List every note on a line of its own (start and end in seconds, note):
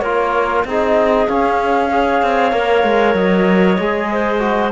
0.00 0.64 A#3
0.00 0.68 F4
0.00 0.65 A#4
0.00 0.62 C#5
0.65 1.27 C4
0.65 1.28 D#4
0.65 1.91 G#4
0.65 1.28 D#5
1.28 1.91 C#4
1.28 2.23 C#4
1.28 3.16 F5
1.91 2.52 G#4
1.91 4.10 C#5
2.23 2.53 C4
2.52 2.84 A#3
2.52 3.77 A#4
2.84 3.15 G#3
3.15 3.78 F#3
3.15 4.72 D#5
3.80 4.73 G#3
3.80 4.40 G#4
4.12 4.73 C5
4.40 4.71 F#4